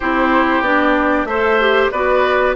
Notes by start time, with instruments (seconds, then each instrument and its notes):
0.00 bassoon C4, clarinet E4, oboe G4, flute C5
0.61 bassoon B3, clarinet D4, flute D5
1.24 bassoon A3, clarinet A4, oboe C5, flute E5
1.60 clarinet G4
1.91 bassoon B3, clarinet F#4, oboe B4, flute D5